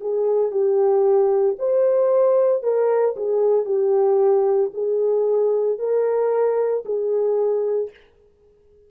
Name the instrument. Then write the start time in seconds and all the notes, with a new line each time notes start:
horn
0.00 G#4
0.51 G4
1.58 C5
2.62 A#4
3.16 G#4
3.65 G4
4.73 G#4
5.78 A#4
6.85 G#4